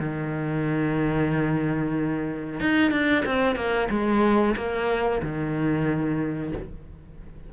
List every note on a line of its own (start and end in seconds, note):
0.00 2.60 D#3
2.60 2.91 D#4
2.91 3.24 D4
3.26 3.56 C4
3.56 3.89 A#3
3.90 4.56 G#3
4.57 5.22 A#3
5.23 6.53 D#3